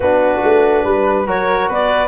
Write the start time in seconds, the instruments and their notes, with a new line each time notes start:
0.00 tuba B3, trombone D4, flute F#4, clarinet B4
0.43 tuba A3
0.84 tuba G3, flute B4
1.26 tuba F#3, trombone F#4, flute A#4, clarinet C#5
1.68 tuba B3, flute B4, clarinet D5